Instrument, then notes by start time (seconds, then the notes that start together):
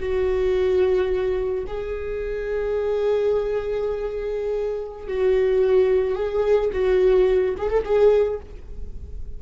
viola
0.00 F#4
1.67 G#4
5.08 F#4
6.16 G#4
6.73 F#4
7.58 G#4
7.70 A4
7.85 G#4